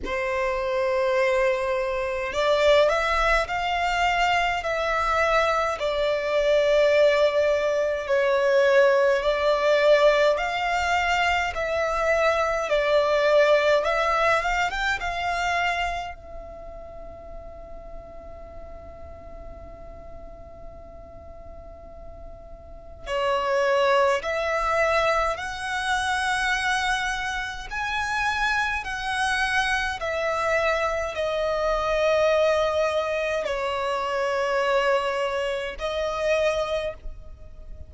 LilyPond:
\new Staff \with { instrumentName = "violin" } { \time 4/4 \tempo 4 = 52 c''2 d''8 e''8 f''4 | e''4 d''2 cis''4 | d''4 f''4 e''4 d''4 | e''8 f''16 g''16 f''4 e''2~ |
e''1 | cis''4 e''4 fis''2 | gis''4 fis''4 e''4 dis''4~ | dis''4 cis''2 dis''4 | }